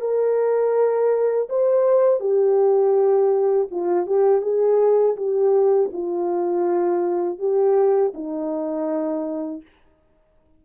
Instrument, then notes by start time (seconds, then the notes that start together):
horn
0.00 A#4
1.49 C5
2.20 G4
3.71 F4
4.06 G4
4.42 G#4
5.16 G4
5.93 F4
7.39 G4
8.14 D#4